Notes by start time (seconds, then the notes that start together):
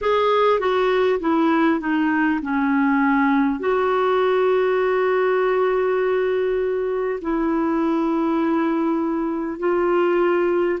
0.01 G#4
0.59 F#4
1.19 E4
1.80 D#4
2.42 C#4
3.59 F#4
7.21 E4
9.59 F4